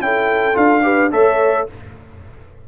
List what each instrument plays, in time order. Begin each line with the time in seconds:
0.00 tuba C#4, trombone E4, horn A4, trumpet G5
0.53 tuba D4, trombone F4, trumpet F5
0.83 trombone G4, horn B4
1.11 tuba A3, trombone A4, horn C#5, trumpet E5